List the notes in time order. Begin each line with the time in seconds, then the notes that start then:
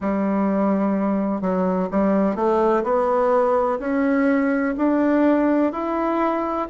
0.00 G3
1.41 F#3
1.90 G3
2.35 A3
2.83 B3
3.79 C#4
4.77 D4
5.72 E4